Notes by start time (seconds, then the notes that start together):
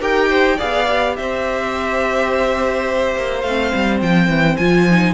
0.00 D#4 G4 A#4 G5
0.29 C5
0.57 B3 G#4 D5 F5
0.87 G4
1.16 C4 C5 E5
3.15 A#3
3.41 A3 F5
3.47 C4
3.74 G3
4.02 F3 G5
4.28 E3
4.56 F3 F4 G#5
4.90 D#4